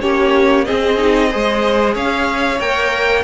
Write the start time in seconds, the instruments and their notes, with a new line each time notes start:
0.00 cello A#3, viola C#4, violin G4 C#5
0.64 viola C4, violin G#4 D#5
0.70 cello C4
0.97 viola D#4
1.30 cello G#3, viola G#4, violin C5
1.94 cello C#4, violin C#5 F5
2.59 cello A#3, viola A#4, violin G5